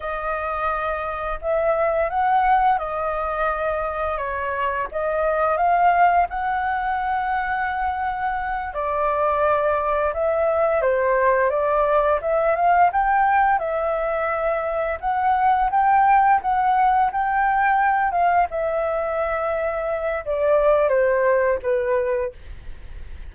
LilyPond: \new Staff \with { instrumentName = "flute" } { \time 4/4 \tempo 4 = 86 dis''2 e''4 fis''4 | dis''2 cis''4 dis''4 | f''4 fis''2.~ | fis''8 d''2 e''4 c''8~ |
c''8 d''4 e''8 f''8 g''4 e''8~ | e''4. fis''4 g''4 fis''8~ | fis''8 g''4. f''8 e''4.~ | e''4 d''4 c''4 b'4 | }